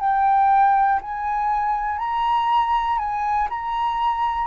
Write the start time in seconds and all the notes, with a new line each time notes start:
0.00 G5
1.01 G#5
1.99 A#5
2.99 G#5
3.50 A#5